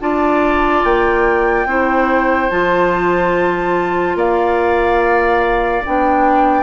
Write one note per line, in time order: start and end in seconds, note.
0.00 0.84 D4
0.00 1.67 F4
0.00 1.68 D5
0.00 0.84 A5
0.84 1.66 A#3
0.84 2.50 G5
1.66 2.49 C4
1.66 2.49 E4
1.66 4.17 C5
2.49 4.15 F3
2.49 5.83 F4
2.49 4.17 A5
4.15 5.82 A#3
4.15 6.63 D5
4.15 5.84 F5
5.85 6.63 B3
5.85 6.63 D4
5.85 6.63 G5